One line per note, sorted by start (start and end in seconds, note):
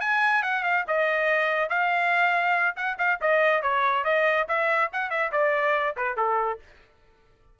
0.00 0.42 G#5
0.42 0.63 F#5
0.63 0.85 F5
0.87 1.69 D#5
1.69 2.75 F5
2.76 2.97 F#5
2.98 3.19 F5
3.21 3.62 D#5
3.62 4.04 C#5
4.04 4.47 D#5
4.48 4.91 E5
4.92 5.10 F#5
5.10 5.31 E5
5.32 5.96 D5
5.97 6.17 B4
6.17 6.59 A4